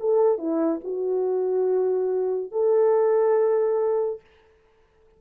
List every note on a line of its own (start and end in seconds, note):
0.00 0.38 A4
0.38 0.80 E4
0.84 2.52 F#4
2.52 4.21 A4